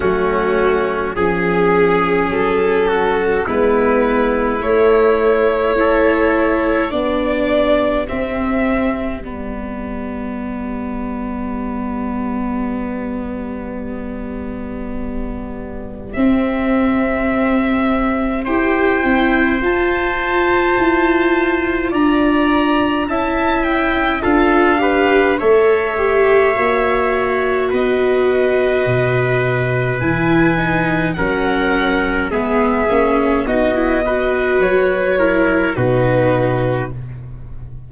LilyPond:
<<
  \new Staff \with { instrumentName = "violin" } { \time 4/4 \tempo 4 = 52 fis'4 gis'4 a'4 b'4 | cis''2 d''4 e''4 | d''1~ | d''2 e''2 |
g''4 a''2 ais''4 | a''8 g''8 f''4 e''2 | dis''2 gis''4 fis''4 | e''4 dis''4 cis''4 b'4 | }
  \new Staff \with { instrumentName = "trumpet" } { \time 4/4 cis'4 gis'4. fis'8 e'4~ | e'4 a'4 g'2~ | g'1~ | g'1 |
c''2. d''4 | e''4 a'8 b'8 cis''2 | b'2. ais'4 | gis'4 fis'8 b'4 ais'8 fis'4 | }
  \new Staff \with { instrumentName = "viola" } { \time 4/4 a4 cis'2 b4 | a4 e'4 d'4 c'4 | b1~ | b2 c'2 |
g'8 e'8 f'2. | e'4 f'8 g'8 a'8 g'8 fis'4~ | fis'2 e'8 dis'8 cis'4 | b8 cis'8 dis'16 e'16 fis'4 e'8 dis'4 | }
  \new Staff \with { instrumentName = "tuba" } { \time 4/4 fis4 f4 fis4 gis4 | a2 b4 c'4 | g1~ | g2 c'2 |
e'8 c'8 f'4 e'4 d'4 | cis'4 d'4 a4 ais4 | b4 b,4 e4 fis4 | gis8 ais8 b4 fis4 b,4 | }
>>